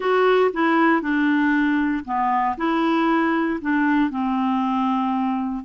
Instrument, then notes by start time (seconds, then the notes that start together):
clarinet
0.00 F#4
0.53 E4
1.01 D4
2.04 B3
2.57 E4
3.61 D4
4.10 C4